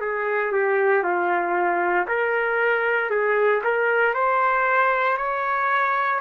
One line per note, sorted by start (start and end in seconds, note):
0.00 0.52 G#4
0.52 1.03 G4
1.03 2.06 F4
2.07 3.10 A#4
3.10 3.62 G#4
3.63 4.14 A#4
4.14 5.17 C5
5.17 6.20 C#5